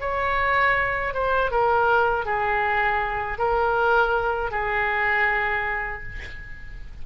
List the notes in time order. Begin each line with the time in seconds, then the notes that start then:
0.00 C#5
1.14 C5
1.51 A#4
2.25 G#4
3.38 A#4
4.51 G#4